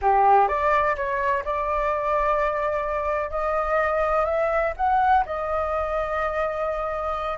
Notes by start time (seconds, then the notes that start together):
0.01 G4
0.48 D5
0.96 C#5
1.44 D5
3.30 D#5
4.25 E5
4.76 F#5
5.25 D#5